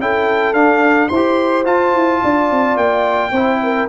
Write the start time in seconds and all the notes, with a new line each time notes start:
0.00 C#4 E4 A4 G5
0.54 D4 F5
1.09 E4 C5 C6
1.16 G4
1.65 F4 A5
1.94 E4
2.24 D4 D5
2.51 C4
2.77 A#3 G5
3.32 C4 E4 C5
3.63 A#4